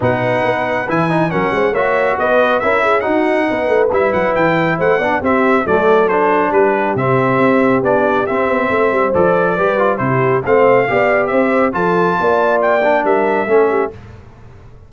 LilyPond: <<
  \new Staff \with { instrumentName = "trumpet" } { \time 4/4 \tempo 4 = 138 fis''2 gis''4 fis''4 | e''4 dis''4 e''4 fis''4~ | fis''4 e''8 fis''8 g''4 fis''4 | e''4 d''4 c''4 b'4 |
e''2 d''4 e''4~ | e''4 d''2 c''4 | f''2 e''4 a''4~ | a''4 g''4 e''2 | }
  \new Staff \with { instrumentName = "horn" } { \time 4/4 b'2. ais'8 c''8 | cis''4 b'4 ais'8 gis'8 fis'4 | b'2. c''8 d''8 | g'4 a'2 g'4~ |
g'1 | c''2 b'4 g'4 | c''4 d''4 c''4 a'4 | d''2 ais'4 a'8 g'8 | }
  \new Staff \with { instrumentName = "trombone" } { \time 4/4 dis'2 e'8 dis'8 cis'4 | fis'2 e'4 dis'4~ | dis'4 e'2~ e'8 d'8 | c'4 a4 d'2 |
c'2 d'4 c'4~ | c'4 a'4 g'8 f'8 e'4 | c'4 g'2 f'4~ | f'4. d'4. cis'4 | }
  \new Staff \with { instrumentName = "tuba" } { \time 4/4 b,4 b4 e4 fis8 gis8 | ais4 b4 cis'4 dis'4 | b8 a8 g8 fis8 e4 a8 b8 | c'4 fis2 g4 |
c4 c'4 b4 c'8 b8 | a8 g8 f4 g4 c4 | a4 b4 c'4 f4 | ais2 g4 a4 | }
>>